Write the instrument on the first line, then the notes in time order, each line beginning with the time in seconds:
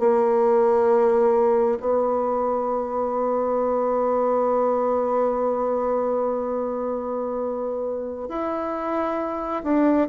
bassoon
0.00 A#3
1.80 B3
8.29 E4
9.64 D4